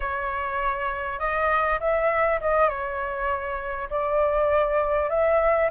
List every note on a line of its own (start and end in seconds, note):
0.00 1.19 C#5
1.19 1.79 D#5
1.79 2.39 E5
2.40 2.68 D#5
2.68 3.88 C#5
3.90 5.09 D5
5.09 5.69 E5